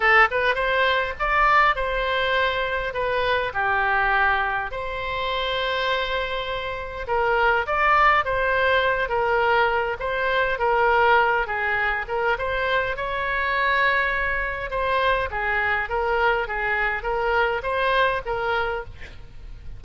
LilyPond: \new Staff \with { instrumentName = "oboe" } { \time 4/4 \tempo 4 = 102 a'8 b'8 c''4 d''4 c''4~ | c''4 b'4 g'2 | c''1 | ais'4 d''4 c''4. ais'8~ |
ais'4 c''4 ais'4. gis'8~ | gis'8 ais'8 c''4 cis''2~ | cis''4 c''4 gis'4 ais'4 | gis'4 ais'4 c''4 ais'4 | }